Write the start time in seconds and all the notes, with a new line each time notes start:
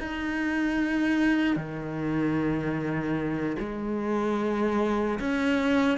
0.00 D#4
1.56 D#3
3.59 G#3
5.20 C#4